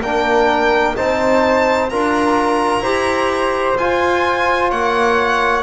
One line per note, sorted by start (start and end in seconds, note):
0.00 0.94 A#3
0.00 0.95 D4
0.00 0.94 A#4
0.00 0.96 G5
0.95 1.92 C4
0.95 1.89 D#4
0.95 1.90 C5
0.95 1.89 A5
1.89 2.79 D4
1.89 2.83 F4
1.89 2.82 A#4
1.89 3.77 A#5
2.79 3.73 E4
2.79 3.77 G4
2.79 4.69 C5
3.77 4.71 F4
3.77 5.62 F4
3.77 4.70 G#5
4.69 5.62 A#3
4.69 5.62 C#5
4.69 5.62 F#5